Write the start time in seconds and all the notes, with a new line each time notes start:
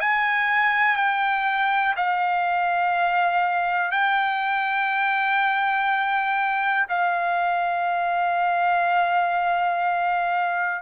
0.00 G#5
0.97 G5
1.97 F5
3.92 G5
6.89 F5